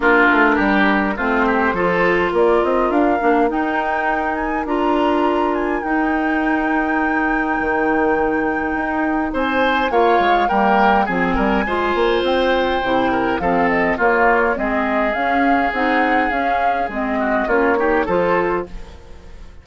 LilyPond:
<<
  \new Staff \with { instrumentName = "flute" } { \time 4/4 \tempo 4 = 103 ais'2 c''2 | d''8 dis''8 f''4 g''4. gis''8 | ais''4. gis''8 g''2~ | g''1 |
gis''4 f''4 g''4 gis''4~ | gis''4 g''2 f''8 dis''8 | cis''4 dis''4 f''4 fis''4 | f''4 dis''4 cis''4 c''4 | }
  \new Staff \with { instrumentName = "oboe" } { \time 4/4 f'4 g'4 f'8 g'8 a'4 | ais'1~ | ais'1~ | ais'1 |
c''4 cis''4 ais'4 gis'8 ais'8 | c''2~ c''8 ais'8 a'4 | f'4 gis'2.~ | gis'4. fis'8 f'8 g'8 a'4 | }
  \new Staff \with { instrumentName = "clarinet" } { \time 4/4 d'2 c'4 f'4~ | f'4. d'8 dis'2 | f'2 dis'2~ | dis'1~ |
dis'4 f'4 ais4 c'4 | f'2 e'4 c'4 | ais4 c'4 cis'4 dis'4 | cis'4 c'4 cis'8 dis'8 f'4 | }
  \new Staff \with { instrumentName = "bassoon" } { \time 4/4 ais8 a8 g4 a4 f4 | ais8 c'8 d'8 ais8 dis'2 | d'2 dis'2~ | dis'4 dis2 dis'4 |
c'4 ais8 gis8 g4 f8 g8 | gis8 ais8 c'4 c4 f4 | ais4 gis4 cis'4 c'4 | cis'4 gis4 ais4 f4 | }
>>